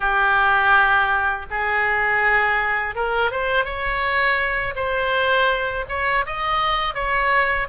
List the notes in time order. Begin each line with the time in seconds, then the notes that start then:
0.00 G4
1.50 G#4
2.95 A#4
3.31 C5
3.64 C#5
4.75 C5
5.88 C#5
6.26 D#5
6.94 C#5